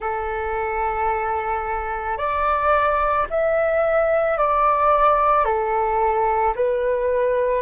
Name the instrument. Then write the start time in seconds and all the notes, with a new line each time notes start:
flute
0.00 A4
2.17 D5
3.30 E5
4.37 D5
5.44 A4
6.55 B4